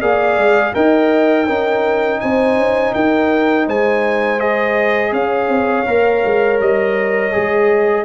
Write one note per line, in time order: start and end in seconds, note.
0.00 0.36 A#3
0.00 0.74 G#4
0.00 0.73 D5
0.00 0.74 F5
0.36 0.73 G#3
0.74 1.48 D#4
0.74 1.47 A#4
0.74 1.46 D#5
0.74 2.20 G5
1.46 2.21 C#4
1.46 4.39 D#4
1.46 2.19 A#4
2.20 2.57 C4
2.20 2.94 C5
2.20 2.93 G#5
2.57 2.93 C#4
2.94 3.68 D#4
2.94 3.66 A#4
2.94 3.67 G5
3.66 5.12 G#3
3.66 5.12 C5
3.66 4.40 G#5
4.39 5.86 G#4
4.39 5.13 D#5
5.12 5.48 C#4
5.12 8.05 C#5
5.12 6.60 F5
5.48 5.85 C4
5.86 6.23 A#3
5.86 7.32 A#4
6.25 6.60 G#3
6.60 7.34 G3
6.60 8.05 D#5
7.32 8.05 G#3
7.32 8.05 G#4